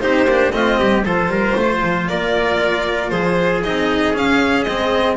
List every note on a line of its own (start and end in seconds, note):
0.00 0.26 C4
0.00 0.27 D#4
0.00 0.54 G4
0.00 0.52 C5
0.26 0.51 A#3
0.26 0.52 D4
0.52 0.79 A3
0.52 1.04 C4
0.52 0.79 F4
0.52 1.04 D#5
0.79 1.05 G3
0.79 1.05 G4
1.05 1.28 F3
1.05 3.64 F4
1.05 1.31 A4
1.05 2.08 C5
1.28 1.53 G3
1.28 1.57 A#4
1.57 1.82 A3
1.57 2.09 C5
1.83 2.09 F3
2.08 3.12 A#3
2.08 3.12 A#4
2.08 3.09 D5
3.09 3.63 F3
3.09 5.16 G#4
3.09 3.61 C5
3.64 4.16 C4
3.64 4.14 D#4
3.64 4.15 D#5
4.14 4.66 C#4
4.14 4.63 F5
4.63 5.16 G#3
4.63 5.16 C4
4.63 5.15 D#5